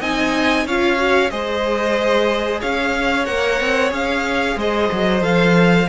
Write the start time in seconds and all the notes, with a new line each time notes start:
0.00 C4 D#4 D#5 G#5
0.65 C#4 F4 C#5 F5
0.97 F#4
1.30 G#3 G#4 C5 D#5
2.60 C#4 C#5 F5
3.25 A#3 A#4 F#5
3.60 C4
3.89 C#4 G#4 F5
4.56 G#3 C5 D#5
4.92 F#3
5.20 F3 A4 F5